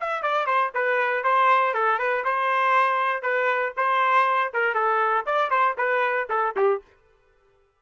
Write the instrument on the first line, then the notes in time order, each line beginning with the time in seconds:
trumpet
0.00 E5
0.22 D5
0.46 C5
0.74 B4
1.23 C5
1.73 A4
1.98 B4
2.24 C5
3.22 B4
3.77 C5
4.53 A#4
4.74 A4
5.26 D5
5.50 C5
5.77 B4
6.29 A4
6.56 G4